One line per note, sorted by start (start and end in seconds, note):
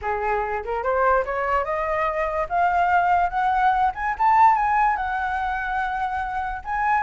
0.01 0.63 G#4
0.64 0.83 A#4
0.83 1.24 C5
1.25 1.64 C#5
1.64 2.47 D#5
2.49 3.29 F5
3.29 3.91 F#5
3.94 4.15 G#5
4.18 4.55 A5
4.55 4.96 G#5
4.96 6.62 F#5
6.64 7.03 G#5